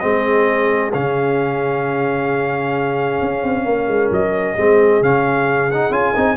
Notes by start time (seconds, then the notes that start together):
0.00 G#3 C4 G#4 D#5
0.94 C#3 C#4 F5
3.22 C#4
3.44 C4
3.66 A#3 A#4
3.88 G#3
4.11 F#3 D#5
4.58 G#3 C4 G#4
5.02 C#3 C#4 F5
5.72 D#4 F#5
5.91 C#4 F4 G#5
6.16 C4 D#4